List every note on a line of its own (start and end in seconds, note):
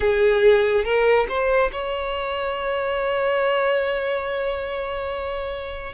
0.00 0.84 G#4
0.84 1.26 A#4
1.28 1.71 C5
1.72 5.93 C#5